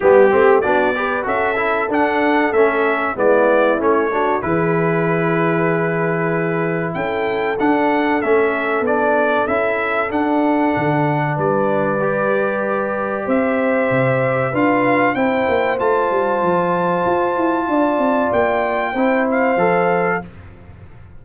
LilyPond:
<<
  \new Staff \with { instrumentName = "trumpet" } { \time 4/4 \tempo 4 = 95 g'4 d''4 e''4 fis''4 | e''4 d''4 cis''4 b'4~ | b'2. g''4 | fis''4 e''4 d''4 e''4 |
fis''2 d''2~ | d''4 e''2 f''4 | g''4 a''2.~ | a''4 g''4. f''4. | }
  \new Staff \with { instrumentName = "horn" } { \time 4/4 g'4 fis'8 b'8 a'2~ | a'4 e'4. fis'8 gis'4~ | gis'2. a'4~ | a'1~ |
a'2 b'2~ | b'4 c''2 b'4 | c''1 | d''2 c''2 | }
  \new Staff \with { instrumentName = "trombone" } { \time 4/4 b8 c'8 d'8 g'8 fis'8 e'8 d'4 | cis'4 b4 cis'8 d'8 e'4~ | e'1 | d'4 cis'4 d'4 e'4 |
d'2. g'4~ | g'2. f'4 | e'4 f'2.~ | f'2 e'4 a'4 | }
  \new Staff \with { instrumentName = "tuba" } { \time 4/4 g8 a8 b4 cis'4 d'4 | a4 gis4 a4 e4~ | e2. cis'4 | d'4 a4 b4 cis'4 |
d'4 d4 g2~ | g4 c'4 c4 d'4 | c'8 ais8 a8 g8 f4 f'8 e'8 | d'8 c'8 ais4 c'4 f4 | }
>>